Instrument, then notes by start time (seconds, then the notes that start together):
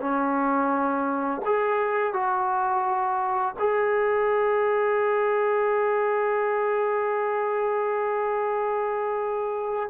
trombone
0.00 C#4
1.45 G#4
2.13 F#4
3.59 G#4